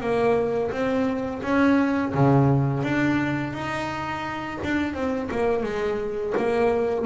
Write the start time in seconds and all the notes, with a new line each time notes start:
0.00 A#3
0.71 C4
1.42 C#4
2.14 C#3
2.83 D4
3.53 D#4
4.64 D4
4.93 C4
5.31 A#3
5.63 G#3
6.37 A#3